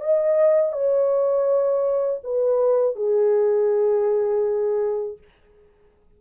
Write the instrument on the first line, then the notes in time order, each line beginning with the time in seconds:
horn
0.00 D#5
0.72 C#5
2.24 B4
2.95 G#4